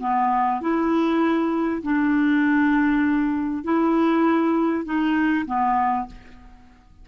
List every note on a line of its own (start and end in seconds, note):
0.00 0.61 B3
0.61 1.82 E4
1.82 3.64 D4
3.64 4.85 E4
4.85 5.45 D#4
5.46 6.07 B3